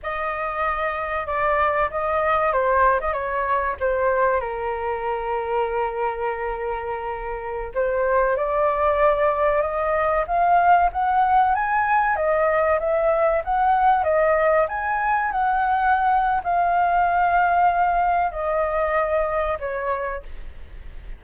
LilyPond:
\new Staff \with { instrumentName = "flute" } { \time 4/4 \tempo 4 = 95 dis''2 d''4 dis''4 | c''8. dis''16 cis''4 c''4 ais'4~ | ais'1~ | ais'16 c''4 d''2 dis''8.~ |
dis''16 f''4 fis''4 gis''4 dis''8.~ | dis''16 e''4 fis''4 dis''4 gis''8.~ | gis''16 fis''4.~ fis''16 f''2~ | f''4 dis''2 cis''4 | }